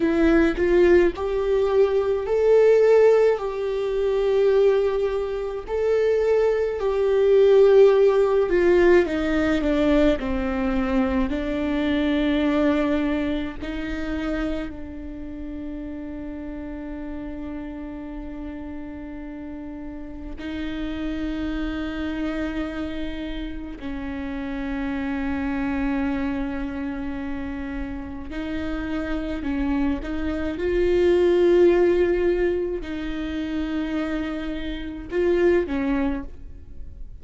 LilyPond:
\new Staff \with { instrumentName = "viola" } { \time 4/4 \tempo 4 = 53 e'8 f'8 g'4 a'4 g'4~ | g'4 a'4 g'4. f'8 | dis'8 d'8 c'4 d'2 | dis'4 d'2.~ |
d'2 dis'2~ | dis'4 cis'2.~ | cis'4 dis'4 cis'8 dis'8 f'4~ | f'4 dis'2 f'8 cis'8 | }